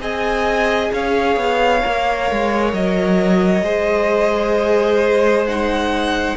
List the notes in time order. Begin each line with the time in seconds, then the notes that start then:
0.00 C4 G#4 D#5 G#5
0.92 C#4 C#5 F5
1.37 B3
1.83 A#3 A#4
2.31 G#3
2.73 F#3 D#5
3.62 G#3 G#4 C5
5.47 D#4 F#5